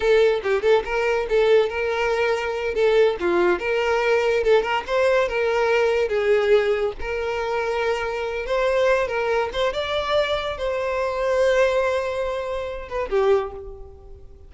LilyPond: \new Staff \with { instrumentName = "violin" } { \time 4/4 \tempo 4 = 142 a'4 g'8 a'8 ais'4 a'4 | ais'2~ ais'8 a'4 f'8~ | f'8 ais'2 a'8 ais'8 c''8~ | c''8 ais'2 gis'4.~ |
gis'8 ais'2.~ ais'8 | c''4. ais'4 c''8 d''4~ | d''4 c''2.~ | c''2~ c''8 b'8 g'4 | }